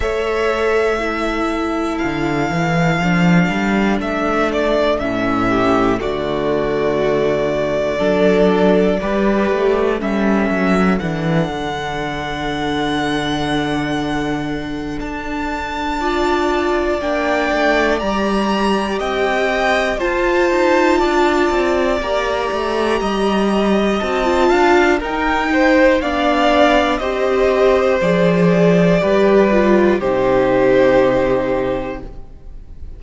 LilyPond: <<
  \new Staff \with { instrumentName = "violin" } { \time 4/4 \tempo 4 = 60 e''2 f''2 | e''8 d''8 e''4 d''2~ | d''2 e''4 fis''4~ | fis''2. a''4~ |
a''4 g''4 ais''4 g''4 | a''2 ais''2 | a''4 g''4 f''4 dis''4 | d''2 c''2 | }
  \new Staff \with { instrumentName = "violin" } { \time 4/4 cis''4 a'2.~ | a'4. g'8 fis'2 | a'4 b'4 a'2~ | a'1 |
d''2. dis''4 | c''4 d''2 dis''4~ | dis''8 f''8 ais'8 c''8 d''4 c''4~ | c''4 b'4 g'2 | }
  \new Staff \with { instrumentName = "viola" } { \time 4/4 a'4 e'2 d'4~ | d'4 cis'4 a2 | d'4 g'4 cis'4 d'4~ | d'1 |
f'4 d'4 g'2 | f'2 g'2 | fis'16 f'8. dis'4 d'4 g'4 | gis'4 g'8 f'8 dis'2 | }
  \new Staff \with { instrumentName = "cello" } { \time 4/4 a2 d8 e8 f8 g8 | a4 a,4 d2 | fis4 g8 a8 g8 fis8 e8 d8~ | d2. d'4~ |
d'4 ais8 a8 g4 c'4 | f'8 dis'8 d'8 c'8 ais8 a8 g4 | c'8 d'8 dis'4 b4 c'4 | f4 g4 c2 | }
>>